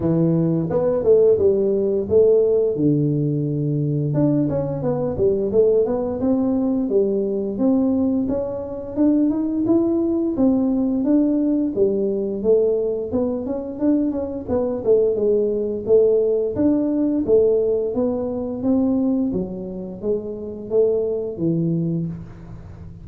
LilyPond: \new Staff \with { instrumentName = "tuba" } { \time 4/4 \tempo 4 = 87 e4 b8 a8 g4 a4 | d2 d'8 cis'8 b8 g8 | a8 b8 c'4 g4 c'4 | cis'4 d'8 dis'8 e'4 c'4 |
d'4 g4 a4 b8 cis'8 | d'8 cis'8 b8 a8 gis4 a4 | d'4 a4 b4 c'4 | fis4 gis4 a4 e4 | }